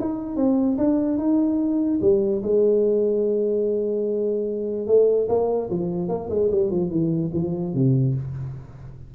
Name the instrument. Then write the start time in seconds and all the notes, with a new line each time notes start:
tuba
0.00 D#4
0.36 C4
0.78 D4
1.17 D#4
2.01 G3
2.42 G#3
4.87 A3
5.28 A#3
5.70 F3
6.08 A#3
6.30 G#3
6.51 G3
6.71 F3
6.90 E3
7.33 F3
7.73 C3